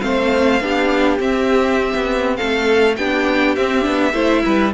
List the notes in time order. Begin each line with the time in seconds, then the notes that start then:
0.00 A3 C4 C5 F5
0.60 B3 D4 G4
1.19 C4 E5
1.94 B3
2.36 A3 A4 F5
2.96 B3 D4 G4 G5
3.55 C4 E5
3.82 B3 D4
4.12 A3 E4 C5
4.44 G3 B4